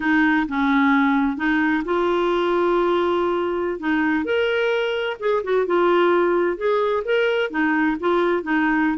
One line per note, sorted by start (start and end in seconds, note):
0.00 0.46 D#4
0.48 1.37 C#4
1.37 1.83 D#4
1.84 3.79 F4
3.79 4.24 D#4
4.24 5.17 A#4
5.19 5.42 G#4
5.43 5.66 F#4
5.66 6.57 F4
6.57 7.03 G#4
7.04 7.50 A#4
7.50 7.96 D#4
8.00 8.42 F4
8.42 8.98 D#4